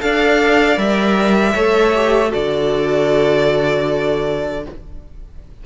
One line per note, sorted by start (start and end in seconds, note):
0.00 0.77 D4
0.00 0.76 A4
0.00 1.54 D5
0.00 0.78 F5
0.76 1.54 G3
0.76 1.53 A#4
0.76 2.32 E5
1.54 2.32 A3
1.54 1.94 A4
1.54 2.30 C#5
1.95 2.28 G4
2.28 4.59 F#4
2.28 4.61 A4
2.28 4.64 D5
2.35 4.66 D3